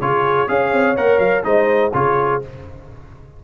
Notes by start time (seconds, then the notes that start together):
0.00 C#3 F4 G#4 C#5
0.47 C#4 G#4 C#5 F5
0.72 C4
0.96 A#3 A#4 F#5
1.18 F#3 F5
1.43 G#3 D#4 C5 D#5
1.93 C#3 F4 G#4 C#5